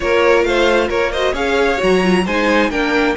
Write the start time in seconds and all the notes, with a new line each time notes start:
0.00 A#3 F4 A#4 C#5
0.43 A3 C5 F5
0.88 A#3 A#4 C#5
1.11 F#4 C5 D#5
1.33 C#4 G#4 C#5 F5
1.78 F#3 F#4 A#5
2.03 F4
2.25 G#3 D#4 C5 G#5
2.70 A#3 D4 A#4 G5